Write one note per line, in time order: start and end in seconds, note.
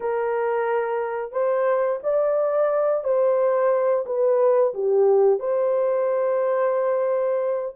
0.00 1.32 A#4
1.32 1.99 C5
2.03 3.03 D5
3.03 4.04 C5
4.06 4.73 B4
4.74 5.39 G4
5.39 7.75 C5